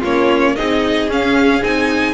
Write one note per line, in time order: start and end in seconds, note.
0.00 0.57 A#3
0.00 0.57 C#4
0.00 0.53 F4
0.00 0.56 C#5
0.56 1.09 C4
0.56 1.10 D#4
0.56 2.15 G#4
0.56 1.09 D#5
1.09 1.62 C#4
1.09 1.64 F5
1.62 2.15 C4
1.62 2.15 D#4
1.62 2.15 G#5